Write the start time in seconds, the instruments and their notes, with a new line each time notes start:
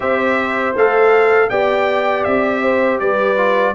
0.00 tuba C4, trombone G4, horn C5, trumpet E5
0.75 tuba A3, trombone A4, trumpet F5
1.49 tuba B3, trombone G4, horn D5, trumpet G5
2.23 tuba C4, trumpet E5
2.62 horn C5
2.99 tuba G3, horn B4, trumpet D5
3.36 trombone F4